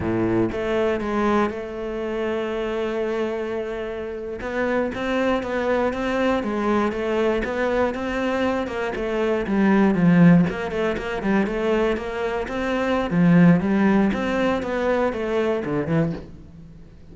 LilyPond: \new Staff \with { instrumentName = "cello" } { \time 4/4 \tempo 4 = 119 a,4 a4 gis4 a4~ | a1~ | a8. b4 c'4 b4 c'16~ | c'8. gis4 a4 b4 c'16~ |
c'4~ c'16 ais8 a4 g4 f16~ | f8. ais8 a8 ais8 g8 a4 ais16~ | ais8. c'4~ c'16 f4 g4 | c'4 b4 a4 d8 e8 | }